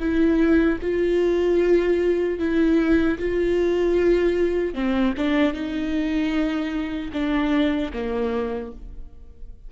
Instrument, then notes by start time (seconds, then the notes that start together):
viola
0.00 E4
0.81 F4
2.39 E4
3.19 F4
4.74 C4
5.17 D4
5.53 D#4
7.13 D4
7.93 A#3